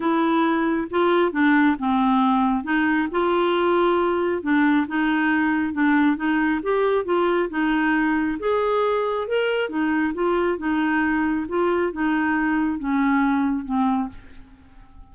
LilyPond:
\new Staff \with { instrumentName = "clarinet" } { \time 4/4 \tempo 4 = 136 e'2 f'4 d'4 | c'2 dis'4 f'4~ | f'2 d'4 dis'4~ | dis'4 d'4 dis'4 g'4 |
f'4 dis'2 gis'4~ | gis'4 ais'4 dis'4 f'4 | dis'2 f'4 dis'4~ | dis'4 cis'2 c'4 | }